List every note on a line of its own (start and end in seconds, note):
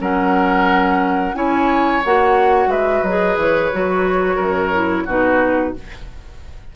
0.00 1.33 F#3
0.00 1.34 C#4
0.00 1.35 A#4
0.00 1.35 F#5
1.33 2.01 C#4
1.33 2.01 E4
1.33 2.69 C#5
1.33 2.02 G#5
2.04 2.66 A#3
2.04 3.06 F#4
2.04 2.71 F#5
2.66 3.00 G#3
2.66 4.35 B4
2.66 3.03 E5
3.03 3.36 F#3
3.03 3.72 G#4
3.03 3.36 D#5
3.36 3.70 E3
3.36 5.08 C#5
3.72 4.37 F#3
3.72 4.73 F#4
4.35 5.04 F#2
4.35 5.03 A#4
4.73 5.06 E4
5.05 5.74 B2
5.05 5.74 D#4
5.05 5.72 F#4
5.05 5.75 B4